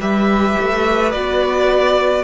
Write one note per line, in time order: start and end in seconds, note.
0.00 0.57 G3
0.00 1.13 G4
0.00 2.24 B4
0.00 1.12 E5
0.60 1.15 A3
1.12 2.24 B3
1.12 2.24 F#4
1.12 2.24 D5